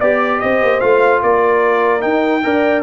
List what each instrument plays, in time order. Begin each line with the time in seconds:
0.00 tuba B3, trombone G4, horn D5, trumpet D5
0.40 tuba C4, horn C5, trumpet D#5
0.62 tuba A#3
0.80 tuba A3, trombone F4, trumpet F5
1.22 tuba A#3, horn A#4, trumpet D5
2.01 trombone D#4, tuba D#4, trumpet G5
2.44 tuba D4, trombone A#4, horn D5